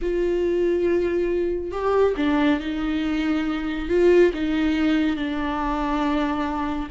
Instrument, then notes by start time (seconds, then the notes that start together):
viola
0.01 F4
1.71 G4
2.17 D4
2.60 D#4
3.88 F4
4.33 D#4
5.16 D4